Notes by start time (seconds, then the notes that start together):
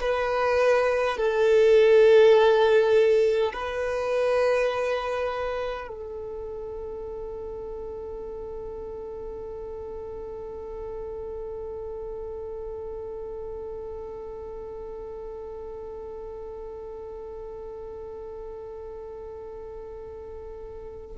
0.00 B4
1.17 A4
3.52 B4
5.87 A4